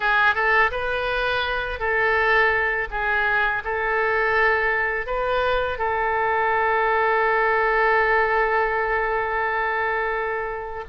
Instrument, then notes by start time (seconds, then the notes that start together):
oboe
0.00 G#4
0.34 A4
0.71 B4
1.79 A4
2.90 G#4
3.64 A4
5.06 B4
5.78 A4